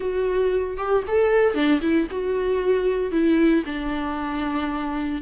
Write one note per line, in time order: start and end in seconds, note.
0.00 0.77 F#4
0.77 1.03 G4
1.07 1.54 A4
1.54 1.80 D4
1.81 2.07 E4
2.11 3.11 F#4
3.11 3.63 E4
3.65 5.22 D4